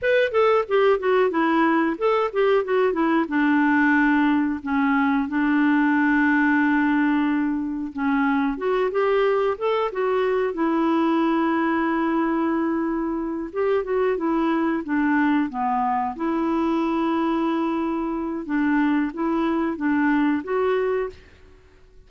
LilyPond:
\new Staff \with { instrumentName = "clarinet" } { \time 4/4 \tempo 4 = 91 b'8 a'8 g'8 fis'8 e'4 a'8 g'8 | fis'8 e'8 d'2 cis'4 | d'1 | cis'4 fis'8 g'4 a'8 fis'4 |
e'1~ | e'8 g'8 fis'8 e'4 d'4 b8~ | b8 e'2.~ e'8 | d'4 e'4 d'4 fis'4 | }